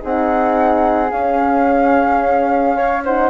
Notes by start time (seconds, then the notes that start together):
0.00 C4 D#4 G#4 F#5
1.10 C#4 F5
2.76 C#5
3.04 D#4 C5 F#5